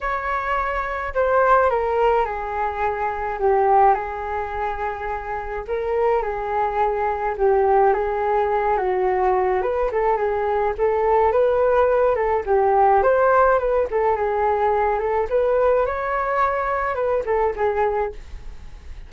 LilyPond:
\new Staff \with { instrumentName = "flute" } { \time 4/4 \tempo 4 = 106 cis''2 c''4 ais'4 | gis'2 g'4 gis'4~ | gis'2 ais'4 gis'4~ | gis'4 g'4 gis'4. fis'8~ |
fis'4 b'8 a'8 gis'4 a'4 | b'4. a'8 g'4 c''4 | b'8 a'8 gis'4. a'8 b'4 | cis''2 b'8 a'8 gis'4 | }